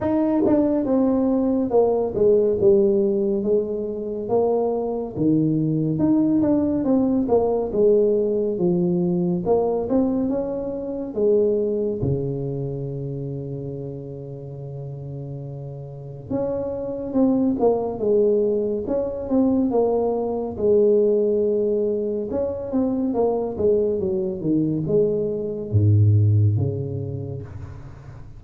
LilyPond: \new Staff \with { instrumentName = "tuba" } { \time 4/4 \tempo 4 = 70 dis'8 d'8 c'4 ais8 gis8 g4 | gis4 ais4 dis4 dis'8 d'8 | c'8 ais8 gis4 f4 ais8 c'8 | cis'4 gis4 cis2~ |
cis2. cis'4 | c'8 ais8 gis4 cis'8 c'8 ais4 | gis2 cis'8 c'8 ais8 gis8 | fis8 dis8 gis4 gis,4 cis4 | }